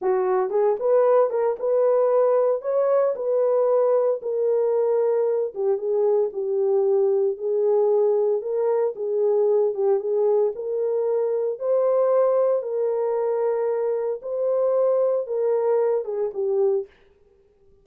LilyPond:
\new Staff \with { instrumentName = "horn" } { \time 4/4 \tempo 4 = 114 fis'4 gis'8 b'4 ais'8 b'4~ | b'4 cis''4 b'2 | ais'2~ ais'8 g'8 gis'4 | g'2 gis'2 |
ais'4 gis'4. g'8 gis'4 | ais'2 c''2 | ais'2. c''4~ | c''4 ais'4. gis'8 g'4 | }